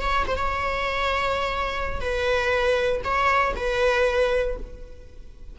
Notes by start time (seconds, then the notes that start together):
0.00 C#5
0.27 C5
0.36 C#5
2.00 B4
3.04 C#5
3.55 B4